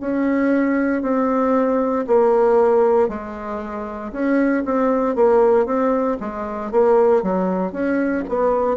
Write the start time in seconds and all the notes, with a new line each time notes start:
0.00 C#4
1.02 C4
2.07 A#3
3.08 G#3
4.12 C#4
4.65 C4
5.15 A#3
5.66 C4
6.20 G#3
6.71 A#3
7.23 F#3
7.72 C#4
8.29 B3